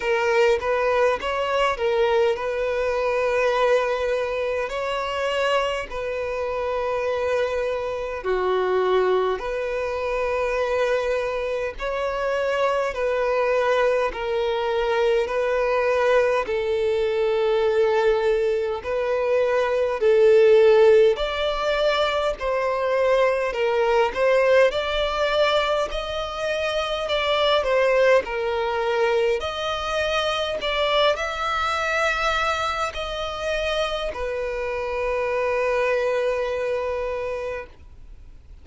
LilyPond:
\new Staff \with { instrumentName = "violin" } { \time 4/4 \tempo 4 = 51 ais'8 b'8 cis''8 ais'8 b'2 | cis''4 b'2 fis'4 | b'2 cis''4 b'4 | ais'4 b'4 a'2 |
b'4 a'4 d''4 c''4 | ais'8 c''8 d''4 dis''4 d''8 c''8 | ais'4 dis''4 d''8 e''4. | dis''4 b'2. | }